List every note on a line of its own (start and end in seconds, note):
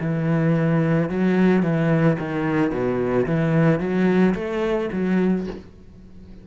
0.00 1.09 E3
1.09 1.62 F#3
1.62 2.17 E3
2.19 2.71 D#3
2.71 3.25 B2
3.26 3.79 E3
3.79 4.34 F#3
4.34 4.89 A3
4.92 5.46 F#3